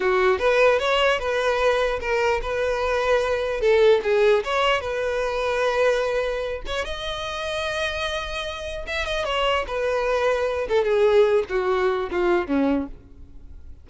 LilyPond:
\new Staff \with { instrumentName = "violin" } { \time 4/4 \tempo 4 = 149 fis'4 b'4 cis''4 b'4~ | b'4 ais'4 b'2~ | b'4 a'4 gis'4 cis''4 | b'1~ |
b'8 cis''8 dis''2.~ | dis''2 e''8 dis''8 cis''4 | b'2~ b'8 a'8 gis'4~ | gis'8 fis'4. f'4 cis'4 | }